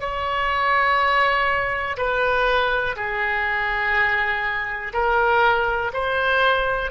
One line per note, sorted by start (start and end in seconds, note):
0.00 1.97 C#5
1.97 2.96 B4
2.96 4.93 G#4
4.93 5.92 A#4
5.93 6.91 C5